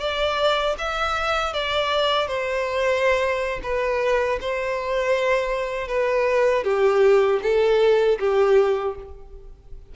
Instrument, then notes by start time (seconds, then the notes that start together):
violin
0.00 D5
0.78 E5
1.54 D5
2.28 C5
3.63 B4
4.41 C5
5.88 B4
6.64 G4
7.43 A4
8.20 G4